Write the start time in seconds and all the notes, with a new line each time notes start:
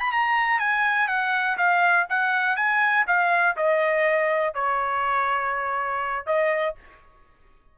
0.00 B5
0.12 A#5
0.59 G#5
1.08 F#5
1.57 F5
2.09 F#5
2.56 G#5
3.07 F5
3.57 D#5
4.54 C#5
6.26 D#5